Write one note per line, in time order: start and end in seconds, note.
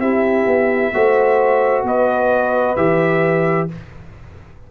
0.00 0.46 C4
0.00 0.94 E4
0.00 0.93 G4
0.00 1.85 E5
0.47 0.93 B3
0.94 1.84 A3
0.94 2.77 F#4
0.94 1.87 C5
1.84 2.76 B3
1.84 3.71 B4
1.84 2.76 D#5
2.76 3.69 E3
2.76 3.69 G4
2.76 3.69 E5